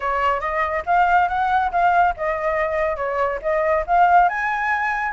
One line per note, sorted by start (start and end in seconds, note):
0.00 0.40 C#5
0.40 0.83 D#5
0.86 1.28 F5
1.28 1.71 F#5
1.71 2.14 F5
2.16 2.96 D#5
2.96 3.39 C#5
3.42 3.85 D#5
3.86 4.28 F5
4.28 5.12 G#5